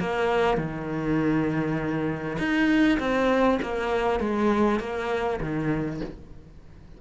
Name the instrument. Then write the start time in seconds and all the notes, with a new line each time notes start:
cello
0.00 A#3
0.57 D#3
2.39 D#4
2.99 C4
3.62 A#3
4.20 G#3
4.80 A#3
5.41 D#3